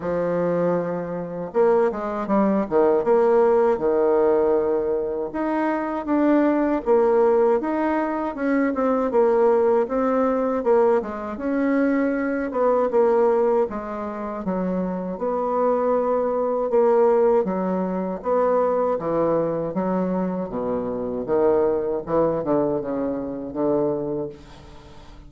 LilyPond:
\new Staff \with { instrumentName = "bassoon" } { \time 4/4 \tempo 4 = 79 f2 ais8 gis8 g8 dis8 | ais4 dis2 dis'4 | d'4 ais4 dis'4 cis'8 c'8 | ais4 c'4 ais8 gis8 cis'4~ |
cis'8 b8 ais4 gis4 fis4 | b2 ais4 fis4 | b4 e4 fis4 b,4 | dis4 e8 d8 cis4 d4 | }